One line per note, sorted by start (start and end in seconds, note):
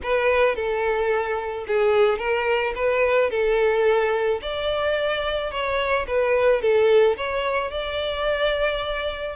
0.02 0.55 B4
0.55 1.65 A4
1.67 2.18 G#4
2.18 2.73 A#4
2.75 3.30 B4
3.30 4.40 A4
4.41 5.51 D5
5.51 6.06 C#5
6.07 6.61 B4
6.61 7.16 A4
7.16 7.70 C#5
7.70 9.36 D5